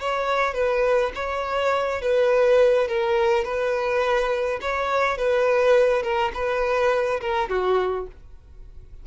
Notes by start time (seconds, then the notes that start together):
0.00 C#5
0.54 B4
1.15 C#5
2.01 B4
2.88 A#4
3.44 B4
4.61 C#5
5.17 B4
6.03 A#4
6.34 B4
7.21 A#4
7.49 F#4